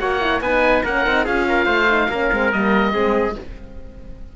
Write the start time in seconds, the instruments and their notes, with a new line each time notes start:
0.00 cello A#3, horn F#4, trumpet C#5, oboe F#5
0.21 horn E4
0.41 cello B3, horn D#4, trumpet B4, oboe G#5
0.84 cello A#3, horn C#4, trumpet A#4, oboe F#5
1.06 cello C4, horn D#4
1.25 cello C#4, horn F4, trumpet G#4, oboe F5
1.49 trumpet A#4
1.66 cello A3, trumpet C5
1.90 horn D#4
2.10 cello A#3, horn C#4, trumpet A#4
2.33 cello G#3, horn C4
2.52 cello G3, horn A#3, oboe D#5
2.93 cello G#3, horn C4, trumpet G#4